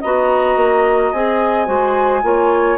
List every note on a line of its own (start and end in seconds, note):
0.00 0.56 B3
0.00 1.14 F#4
0.00 1.66 D#5
0.00 1.12 A#5
0.56 1.11 A#3
1.12 1.68 C4
1.12 1.66 G#4
1.12 2.78 G#5
1.66 2.23 G#3
1.66 2.21 F#4
1.66 2.22 C5
2.22 2.78 A#3
2.22 2.78 F4
2.22 2.78 C#5